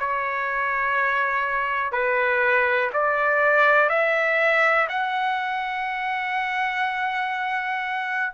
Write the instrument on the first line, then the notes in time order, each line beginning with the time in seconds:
trumpet
0.00 C#5
1.92 B4
2.94 D5
3.90 E5
4.89 F#5